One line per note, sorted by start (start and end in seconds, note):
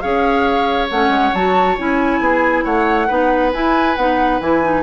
0.00 0.91 C#4
0.00 0.89 G#4
0.00 2.21 C#5
0.00 0.88 F5
0.90 1.08 A3
0.90 1.35 C#4
0.90 1.34 F#5
1.08 1.30 G#3
1.34 1.77 F#3
1.34 1.77 F#4
1.34 1.78 A5
1.77 2.19 C#4
1.77 3.08 E4
1.77 2.64 G#5
2.19 2.63 B3
2.19 2.64 G#4
2.64 3.09 A3
2.64 3.07 C#5
2.64 3.51 F#5
3.07 3.53 B3
3.07 3.52 D#4
3.07 4.82 B4
3.53 3.96 E4
3.53 3.95 G#5
3.95 4.40 B3
3.95 4.41 D#4
3.95 4.39 F#5
4.40 4.82 E3
4.40 4.63 E4
4.40 4.82 G#5
4.63 4.82 D#4